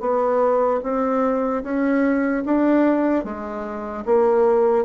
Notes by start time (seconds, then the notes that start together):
0.00 B3
0.83 C4
1.63 C#4
2.45 D4
3.24 G#3
4.05 A#3